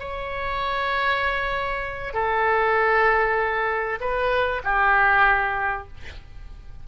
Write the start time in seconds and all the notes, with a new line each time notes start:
0.00 C#5
2.14 A4
4.01 B4
4.64 G4